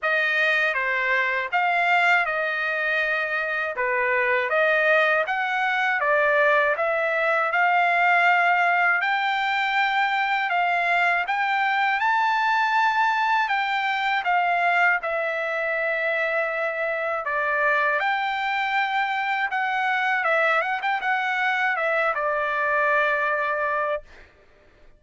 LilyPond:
\new Staff \with { instrumentName = "trumpet" } { \time 4/4 \tempo 4 = 80 dis''4 c''4 f''4 dis''4~ | dis''4 b'4 dis''4 fis''4 | d''4 e''4 f''2 | g''2 f''4 g''4 |
a''2 g''4 f''4 | e''2. d''4 | g''2 fis''4 e''8 fis''16 g''16 | fis''4 e''8 d''2~ d''8 | }